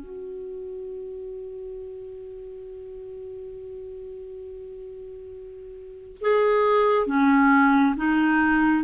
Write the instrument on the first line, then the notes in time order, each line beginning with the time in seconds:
clarinet
0.00 F#4
6.21 G#4
7.07 C#4
7.97 D#4